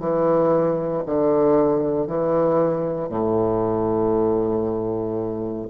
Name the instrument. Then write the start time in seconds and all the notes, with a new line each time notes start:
bassoon
0.00 E3
1.06 D3
2.07 E3
3.09 A2